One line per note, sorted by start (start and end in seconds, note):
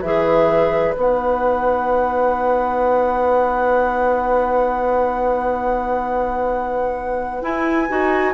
0.00 0.95 E3
0.00 0.94 G#4
0.00 8.31 B4
0.00 0.94 E5
0.94 7.42 B3
0.94 7.41 D#4
0.94 7.43 F#5
7.41 7.87 E4
7.41 7.88 E4
7.41 8.34 G#5
7.88 8.34 D#4
7.88 8.34 F#4